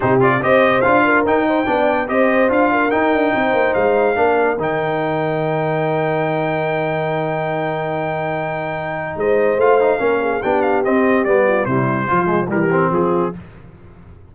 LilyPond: <<
  \new Staff \with { instrumentName = "trumpet" } { \time 4/4 \tempo 4 = 144 c''8 d''8 dis''4 f''4 g''4~ | g''4 dis''4 f''4 g''4~ | g''4 f''2 g''4~ | g''1~ |
g''1~ | g''2 dis''4 f''4~ | f''4 g''8 f''8 dis''4 d''4 | c''2 ais'4 gis'4 | }
  \new Staff \with { instrumentName = "horn" } { \time 4/4 g'4 c''4. ais'4 c''8 | d''4 c''4. ais'4. | c''2 ais'2~ | ais'1~ |
ais'1~ | ais'2 c''2 | ais'8 gis'8 g'2~ g'8 f'8 | e'4 f'4 g'4 f'4 | }
  \new Staff \with { instrumentName = "trombone" } { \time 4/4 dis'8 f'8 g'4 f'4 dis'4 | d'4 g'4 f'4 dis'4~ | dis'2 d'4 dis'4~ | dis'1~ |
dis'1~ | dis'2. f'8 dis'8 | cis'4 d'4 c'4 b4 | g4 f'8 gis8 g8 c'4. | }
  \new Staff \with { instrumentName = "tuba" } { \time 4/4 c4 c'4 d'4 dis'4 | b4 c'4 d'4 dis'8 d'8 | c'8 ais8 gis4 ais4 dis4~ | dis1~ |
dis1~ | dis2 gis4 a4 | ais4 b4 c'4 g4 | c4 f4 e4 f4 | }
>>